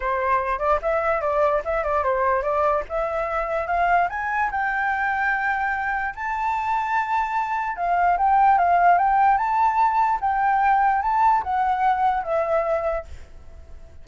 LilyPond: \new Staff \with { instrumentName = "flute" } { \time 4/4 \tempo 4 = 147 c''4. d''8 e''4 d''4 | e''8 d''8 c''4 d''4 e''4~ | e''4 f''4 gis''4 g''4~ | g''2. a''4~ |
a''2. f''4 | g''4 f''4 g''4 a''4~ | a''4 g''2 a''4 | fis''2 e''2 | }